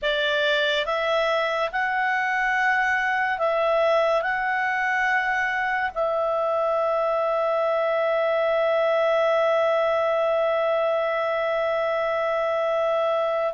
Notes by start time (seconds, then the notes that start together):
0.02 D5
0.85 E5
1.71 F#5
3.38 E5
4.21 F#5
5.94 E5